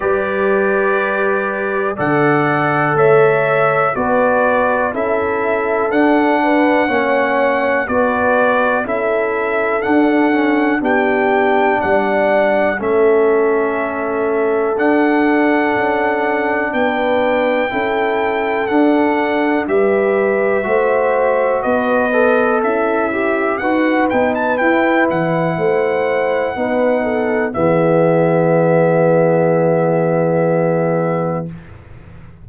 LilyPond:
<<
  \new Staff \with { instrumentName = "trumpet" } { \time 4/4 \tempo 4 = 61 d''2 fis''4 e''4 | d''4 e''4 fis''2 | d''4 e''4 fis''4 g''4 | fis''4 e''2 fis''4~ |
fis''4 g''2 fis''4 | e''2 dis''4 e''4 | fis''8 g''16 a''16 g''8 fis''2~ fis''8 | e''1 | }
  \new Staff \with { instrumentName = "horn" } { \time 4/4 b'2 d''4 cis''4 | b'4 a'4. b'8 cis''4 | b'4 a'2 g'4 | d''4 a'2.~ |
a'4 b'4 a'2 | b'4 c''4 b'4 e'4 | b'2 c''4 b'8 a'8 | gis'1 | }
  \new Staff \with { instrumentName = "trombone" } { \time 4/4 g'2 a'2 | fis'4 e'4 d'4 cis'4 | fis'4 e'4 d'8 cis'8 d'4~ | d'4 cis'2 d'4~ |
d'2 e'4 d'4 | g'4 fis'4. a'4 g'8 | fis'8 dis'8 e'2 dis'4 | b1 | }
  \new Staff \with { instrumentName = "tuba" } { \time 4/4 g2 d4 a4 | b4 cis'4 d'4 ais4 | b4 cis'4 d'4 b4 | g4 a2 d'4 |
cis'4 b4 cis'4 d'4 | g4 a4 b4 cis'4 | dis'8 b8 e'8 e8 a4 b4 | e1 | }
>>